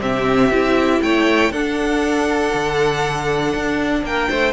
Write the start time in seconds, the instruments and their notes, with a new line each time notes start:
0.00 cello C3, viola C4, violin G4 E5
0.50 cello C4, viola E4
1.02 cello A3, violin C#5 G5
1.51 cello D4, viola D4, violin A4 F#5
2.53 cello D3
3.55 cello D4
4.03 cello A#3, violin A#4 G5
4.30 cello A3, violin C5